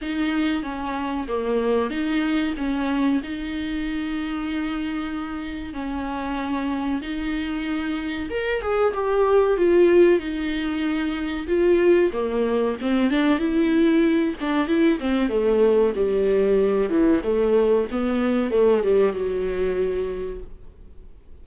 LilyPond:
\new Staff \with { instrumentName = "viola" } { \time 4/4 \tempo 4 = 94 dis'4 cis'4 ais4 dis'4 | cis'4 dis'2.~ | dis'4 cis'2 dis'4~ | dis'4 ais'8 gis'8 g'4 f'4 |
dis'2 f'4 ais4 | c'8 d'8 e'4. d'8 e'8 c'8 | a4 g4. e8 a4 | b4 a8 g8 fis2 | }